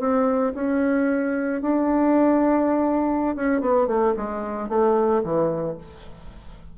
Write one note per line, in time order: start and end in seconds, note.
0.00 0.54 C4
0.55 1.62 C#4
1.62 3.36 D4
3.36 3.61 C#4
3.61 3.88 B3
3.88 4.14 A3
4.17 4.69 G#3
4.69 5.23 A3
5.24 5.78 E3